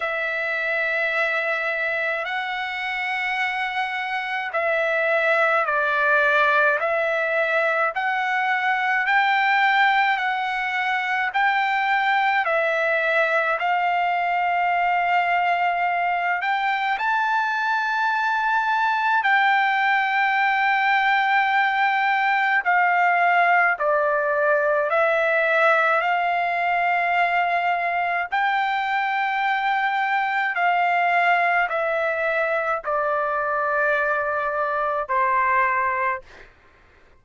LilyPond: \new Staff \with { instrumentName = "trumpet" } { \time 4/4 \tempo 4 = 53 e''2 fis''2 | e''4 d''4 e''4 fis''4 | g''4 fis''4 g''4 e''4 | f''2~ f''8 g''8 a''4~ |
a''4 g''2. | f''4 d''4 e''4 f''4~ | f''4 g''2 f''4 | e''4 d''2 c''4 | }